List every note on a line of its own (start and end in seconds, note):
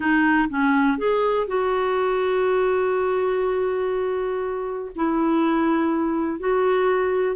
0.00 0.48 D#4
0.49 0.97 C#4
0.97 1.47 G#4
1.47 4.91 F#4
4.95 6.39 E4
6.39 7.36 F#4